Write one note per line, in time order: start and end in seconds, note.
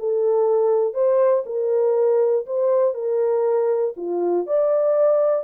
0.00 0.95 A4
0.95 1.45 C5
1.46 2.46 A#4
2.47 2.95 C5
2.95 3.95 A#4
3.97 4.47 F4
4.47 5.45 D5